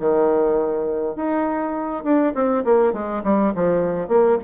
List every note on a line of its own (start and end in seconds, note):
0.00 1.16 D#3
1.16 2.04 D#4
2.04 2.34 D4
2.35 2.65 C4
2.65 2.93 A#3
2.93 3.23 G#3
3.24 3.54 G3
3.55 4.09 F3
4.09 4.38 A#3